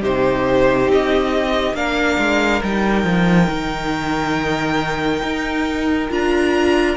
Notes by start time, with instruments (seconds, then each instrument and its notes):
0.00 cello C3, viola D#4, violin G4 C5
0.87 cello C4, violin D#5
1.73 cello A#3, viola D4, violin A#4 F5
2.18 cello G#3
2.63 cello G3, viola D#4, violin G5
3.04 cello F3
3.48 cello D#3
5.22 cello D#4
6.10 cello D4, viola F4, violin A#5